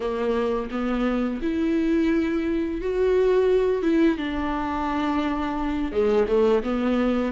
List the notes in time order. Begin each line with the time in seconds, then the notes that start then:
0.00 A#3
0.70 B3
1.41 E4
2.81 F#4
3.82 E4
4.17 D4
5.91 G#3
6.27 A3
6.63 B3